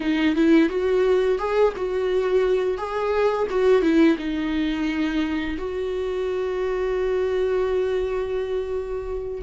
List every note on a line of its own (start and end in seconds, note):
0.00 0.35 D#4
0.35 0.69 E4
0.69 1.38 F#4
1.38 1.73 G#4
1.76 2.77 F#4
2.77 3.47 G#4
3.49 3.82 F#4
3.82 4.16 E4
4.17 5.57 D#4
5.58 9.42 F#4